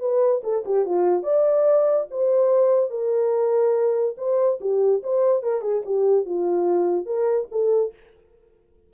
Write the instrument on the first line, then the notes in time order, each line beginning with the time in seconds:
horn
0.00 B4
0.43 A4
0.65 G4
0.85 F4
1.23 D5
2.11 C5
2.90 A#4
4.18 C5
4.61 G4
5.03 C5
5.43 A#4
5.61 G#4
5.85 G4
6.25 F4
7.06 A#4
7.51 A4